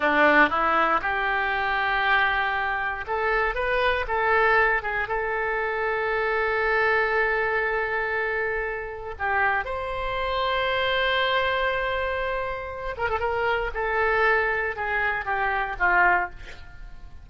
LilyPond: \new Staff \with { instrumentName = "oboe" } { \time 4/4 \tempo 4 = 118 d'4 e'4 g'2~ | g'2 a'4 b'4 | a'4. gis'8 a'2~ | a'1~ |
a'2 g'4 c''4~ | c''1~ | c''4. ais'16 a'16 ais'4 a'4~ | a'4 gis'4 g'4 f'4 | }